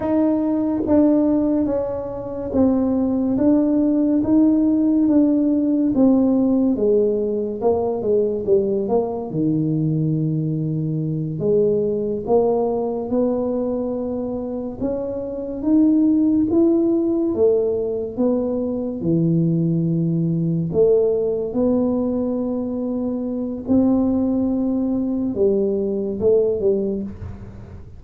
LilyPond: \new Staff \with { instrumentName = "tuba" } { \time 4/4 \tempo 4 = 71 dis'4 d'4 cis'4 c'4 | d'4 dis'4 d'4 c'4 | gis4 ais8 gis8 g8 ais8 dis4~ | dis4. gis4 ais4 b8~ |
b4. cis'4 dis'4 e'8~ | e'8 a4 b4 e4.~ | e8 a4 b2~ b8 | c'2 g4 a8 g8 | }